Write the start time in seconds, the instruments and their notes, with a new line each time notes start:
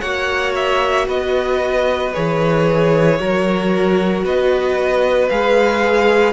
0.00 cello A#3, viola F#4, violin C#5 F#5
0.55 violin E5
1.08 cello B3, violin B4 D#5
2.14 cello E3, viola G#4, violin C#5
3.19 cello F#3, viola F#4, violin A#4
4.24 cello B3, violin B4 D#5
5.29 cello G#3, viola G#4, violin F5